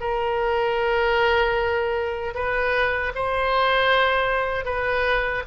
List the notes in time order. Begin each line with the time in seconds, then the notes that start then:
0.00 A#4
2.34 B4
3.15 C5
4.65 B4